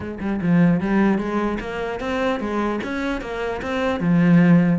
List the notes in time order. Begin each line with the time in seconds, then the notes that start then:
0.00 G#3
0.20 G3
0.41 F3
0.80 G3
1.18 G#3
1.60 A#3
1.99 C4
2.39 G#3
2.83 C#4
3.21 A#3
3.61 C4
4.00 F3